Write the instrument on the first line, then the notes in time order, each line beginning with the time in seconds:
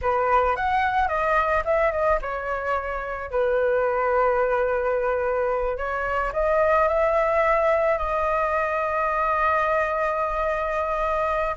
flute
0.01 B4
0.56 F#5
1.08 D#5
1.64 E5
1.91 D#5
2.21 C#5
3.30 B4
5.77 C#5
6.33 D#5
6.88 E5
7.97 D#5